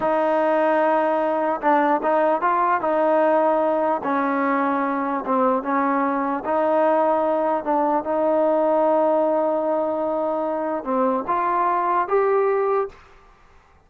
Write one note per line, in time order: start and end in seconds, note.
0.00 1.60 D#4
1.61 2.01 D4
2.02 2.41 D#4
2.41 2.80 F4
2.80 4.01 D#4
4.03 5.24 C#4
5.25 5.62 C4
5.62 6.43 C#4
6.44 7.64 D#4
7.64 8.04 D4
8.04 10.84 D#4
10.84 11.24 C4
11.27 12.07 F4
12.08 12.88 G4